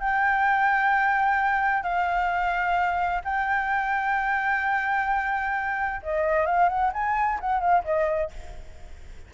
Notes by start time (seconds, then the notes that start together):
0.00 G5
1.83 F5
3.25 G5
6.03 D#5
6.46 F5
6.69 F#5
6.93 G#5
7.40 F#5
7.60 F5
7.85 D#5